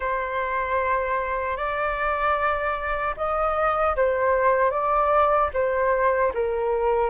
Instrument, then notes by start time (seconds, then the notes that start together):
flute
0.00 C5
1.56 D5
3.17 D#5
3.95 C5
4.70 D5
5.53 C5
6.34 A#4